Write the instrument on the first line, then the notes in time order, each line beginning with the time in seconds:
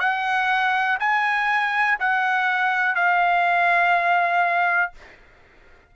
trumpet
0.00 F#5
1.00 G#5
2.00 F#5
2.96 F5